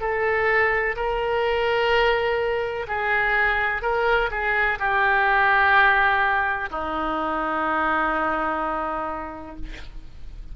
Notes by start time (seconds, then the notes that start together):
0.00 A4
0.96 A#4
2.87 G#4
3.82 A#4
4.30 G#4
4.79 G4
6.70 D#4